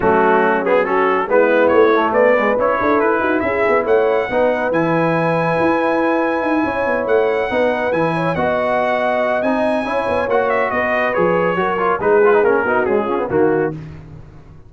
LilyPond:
<<
  \new Staff \with { instrumentName = "trumpet" } { \time 4/4 \tempo 4 = 140 fis'4. gis'8 a'4 b'4 | cis''4 d''4 cis''4 b'4 | e''4 fis''2 gis''4~ | gis''1~ |
gis''8 fis''2 gis''4 fis''8~ | fis''2 gis''2 | fis''8 e''8 dis''4 cis''2 | b'4 ais'4 gis'4 fis'4 | }
  \new Staff \with { instrumentName = "horn" } { \time 4/4 cis'2 fis'4 e'4~ | e'4 b'4. a'4 fis'8 | gis'4 cis''4 b'2~ | b'2.~ b'8 cis''8~ |
cis''4. b'4. cis''8 dis''8~ | dis''2. cis''4~ | cis''4 b'2 ais'4 | gis'4. fis'4 f'8 fis'4 | }
  \new Staff \with { instrumentName = "trombone" } { \time 4/4 a4. b8 cis'4 b4~ | b8 a4 gis8 e'2~ | e'2 dis'4 e'4~ | e'1~ |
e'4. dis'4 e'4 fis'8~ | fis'2 dis'4 e'4 | fis'2 gis'4 fis'8 f'8 | dis'8 f'16 dis'16 cis'8 dis'8 gis8 cis'16 b16 ais4 | }
  \new Staff \with { instrumentName = "tuba" } { \time 4/4 fis2. gis4 | a4 b4 cis'8 d'8 e'8 dis'8 | cis'8 b8 a4 b4 e4~ | e4 e'2 dis'8 cis'8 |
b8 a4 b4 e4 b8~ | b2 c'4 cis'8 b8 | ais4 b4 f4 fis4 | gis4 ais8 b8 cis'4 dis4 | }
>>